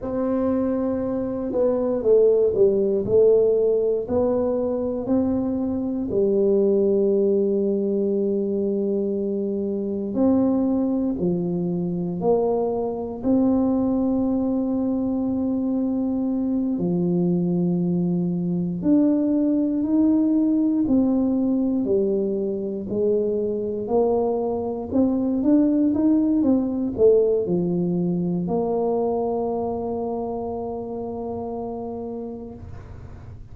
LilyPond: \new Staff \with { instrumentName = "tuba" } { \time 4/4 \tempo 4 = 59 c'4. b8 a8 g8 a4 | b4 c'4 g2~ | g2 c'4 f4 | ais4 c'2.~ |
c'8 f2 d'4 dis'8~ | dis'8 c'4 g4 gis4 ais8~ | ais8 c'8 d'8 dis'8 c'8 a8 f4 | ais1 | }